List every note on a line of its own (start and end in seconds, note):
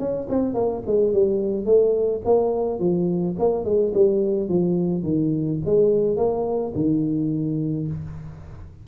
0.00 0.28 C#4
0.30 0.55 C4
0.55 0.83 A#3
0.87 1.14 G#3
1.14 1.66 G3
1.66 2.22 A3
2.25 2.80 A#3
2.80 3.36 F3
3.40 3.65 A#3
3.65 3.93 G#3
3.95 4.49 G3
4.49 5.04 F3
5.04 5.60 D#3
5.66 6.17 G#3
6.17 6.73 A#3
6.76 7.88 D#3